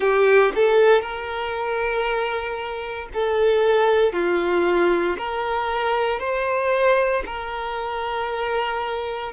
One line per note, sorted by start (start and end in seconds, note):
0.00 0.52 G4
0.55 1.01 A4
1.01 3.08 A#4
3.13 4.12 A4
4.12 5.16 F4
5.17 6.19 A#4
6.19 7.23 C5
7.26 9.32 A#4